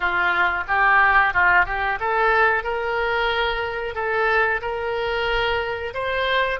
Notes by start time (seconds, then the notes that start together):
0.00 F4
0.67 G4
1.33 F4
1.65 G4
2.00 A4
2.63 A#4
3.94 A4
4.61 A#4
5.93 C5